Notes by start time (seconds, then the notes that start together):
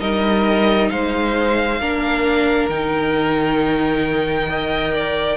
0.00 G3 D#4 A#4 D#5
0.90 G#3 C5 F5
1.81 A#3 D4 A#4
2.70 D#3 D#4 G5
4.50 A#4 D#5
4.94 D5